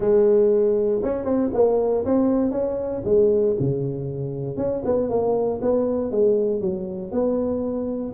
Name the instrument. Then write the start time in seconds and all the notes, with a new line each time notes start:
tuba
0.00 G#3
1.03 C#4
1.25 C4
1.53 A#3
2.05 C4
2.51 C#4
3.05 G#3
3.59 C#3
4.56 C#4
4.84 B3
5.09 A#3
5.61 B3
6.11 G#3
6.60 F#3
7.11 B3